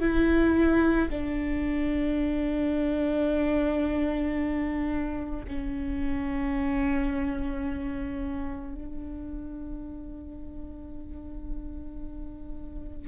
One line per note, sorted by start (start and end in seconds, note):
0.00 1.09 E4
1.10 5.46 D4
5.47 8.75 C#4
8.75 13.08 D4